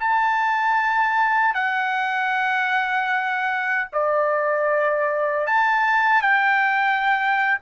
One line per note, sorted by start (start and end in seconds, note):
0.00 1.54 A5
1.54 3.88 F#5
3.93 5.47 D5
5.47 6.22 A5
6.22 7.59 G5